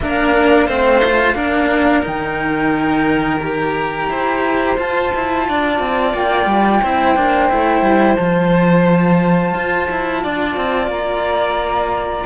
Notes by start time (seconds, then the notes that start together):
0.00 A#3 D4 A#4 F5
0.66 A3 C4 C5
1.04 F4
1.34 A#3 D4 A#4
2.02 D#3 D#4 G5
3.40 G4 A#5
4.08 E4 C5
4.77 F4 A5
5.14 E4
5.48 D4 D5
5.79 C4
6.13 A#3 G5
6.45 G3
6.81 C4 E4 C5
7.15 A#3 D4
7.49 A3 E4
7.81 G3
8.15 F3 F4 A5
9.54 F4
9.90 E4
10.22 D4 D5
10.56 C4
10.87 A#3 A#5